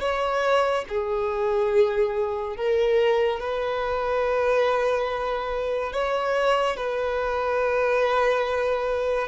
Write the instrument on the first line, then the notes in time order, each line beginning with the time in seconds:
violin
0.00 C#5
0.88 G#4
2.56 A#4
3.40 B4
5.92 C#5
6.76 B4